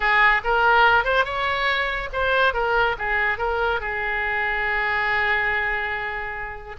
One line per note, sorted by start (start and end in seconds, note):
0.00 0.41 G#4
0.44 1.04 A#4
1.04 1.24 C5
1.24 2.09 C#5
2.12 2.53 C5
2.53 2.95 A#4
2.98 3.38 G#4
3.38 3.80 A#4
3.80 6.76 G#4